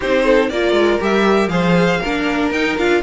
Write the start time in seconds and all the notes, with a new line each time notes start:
0.00 C4 D#4 G4 C5
0.24 A4
0.49 A#3 F4 A#4 D5
0.72 G#3
1.00 G3 G4 E5
1.47 F3 G#4 C5 F5
2.00 A#3 D4 A#4
2.50 D#4 G5
2.78 D4 F4 F5